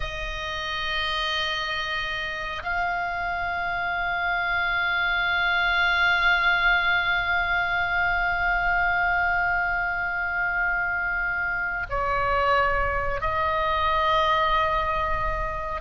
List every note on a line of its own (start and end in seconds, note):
0.00 2.62 D#5
2.63 11.86 F5
11.89 13.20 C#5
13.20 15.81 D#5